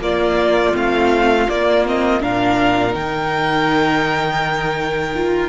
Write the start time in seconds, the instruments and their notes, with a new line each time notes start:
0.00 cello A#3, viola A#3, violin F4 D5
0.75 cello A3, viola C4, violin F5
1.50 viola A#3, cello A#3, violin D5
1.86 viola C4, violin D#5
2.21 cello A#2, viola D4, violin A#4 F5
2.92 cello D#3, viola D#4, violin G5
5.15 viola F4